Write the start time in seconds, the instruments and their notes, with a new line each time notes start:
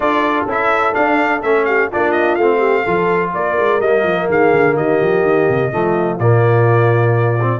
0.00 tuba D4, trombone F4, horn A4, trumpet D5
0.46 tuba C#4, trombone E4, trumpet E5
0.93 trombone D4, tuba D4, trumpet F5
1.42 tuba A3, trombone C#4, trumpet E5
1.65 horn G4, trumpet F5
1.91 tuba A#3, trombone D4, horn F4, trumpet D5
2.11 trumpet D#5
2.35 tuba A3, trombone C4, trumpet F5
2.58 horn G4
2.82 tuba F3, trombone F4, horn A4
3.33 tuba A#3, horn A#4, trumpet D5
3.58 tuba G#3
3.80 tuba G3, trombone A#3, trumpet D#5
4.03 tuba F3
4.27 tuba D#3, horn G#4, trumpet F5
4.53 tuba D3
4.76 tuba D#3, horn G4, trumpet D#5
5.01 tuba F3
5.22 tuba D#3
5.49 tuba C3
5.71 tuba F3, trombone A3, horn F4
6.18 tuba A#2, trombone A#3, trumpet D5
7.40 trombone C4